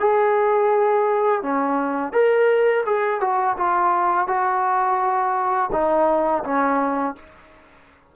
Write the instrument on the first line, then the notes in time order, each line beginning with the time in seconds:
trombone
0.00 G#4
1.42 C#4
2.13 A#4
2.86 G#4
3.20 F#4
3.57 F4
4.28 F#4
5.72 D#4
6.44 C#4